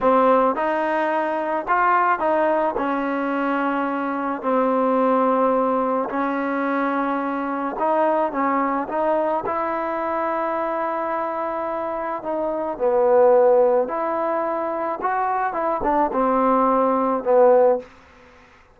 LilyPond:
\new Staff \with { instrumentName = "trombone" } { \time 4/4 \tempo 4 = 108 c'4 dis'2 f'4 | dis'4 cis'2. | c'2. cis'4~ | cis'2 dis'4 cis'4 |
dis'4 e'2.~ | e'2 dis'4 b4~ | b4 e'2 fis'4 | e'8 d'8 c'2 b4 | }